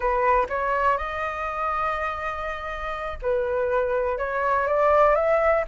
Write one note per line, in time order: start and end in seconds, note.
0.00 0.46 B4
0.49 0.97 C#5
0.97 3.18 D#5
3.21 4.18 B4
4.18 4.67 C#5
4.67 5.15 D5
5.15 5.64 E5